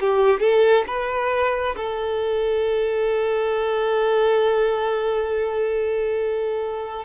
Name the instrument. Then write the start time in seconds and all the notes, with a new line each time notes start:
violin
0.00 G4
0.40 A4
0.87 B4
1.76 A4